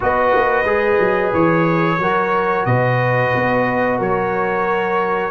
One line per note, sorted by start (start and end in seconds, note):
0.00 0.34 B3
0.00 0.65 F#4
0.00 2.01 B4
0.00 1.33 D#5
0.34 0.64 A#3
0.64 0.97 G#3
0.64 1.99 G#4
0.99 1.32 F#3
1.33 1.98 E3
1.33 2.65 C#5
1.98 2.65 F#3
1.98 5.31 F#4
1.98 2.67 A#4
2.65 3.32 B2
2.65 3.98 B4
2.65 3.99 D#5
3.35 4.00 B3
3.98 5.31 F#3
3.98 5.31 A#4
3.98 5.31 C#5